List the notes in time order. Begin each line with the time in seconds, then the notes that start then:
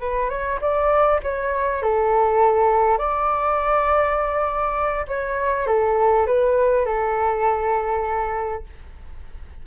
0.00 B4
0.30 C#5
0.61 D5
1.23 C#5
1.82 A4
2.98 D5
5.08 C#5
5.67 A4
6.26 B4
6.85 A4